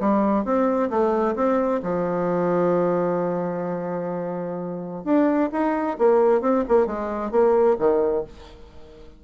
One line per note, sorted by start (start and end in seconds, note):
0.00 0.45 G3
0.45 0.90 C4
0.90 1.35 A3
1.36 1.81 C4
1.83 5.05 F3
5.05 5.50 D4
5.52 5.97 D#4
5.98 6.41 A#3
6.41 6.64 C4
6.68 6.87 A#3
6.87 7.31 G#3
7.31 7.76 A#3
7.79 8.24 D#3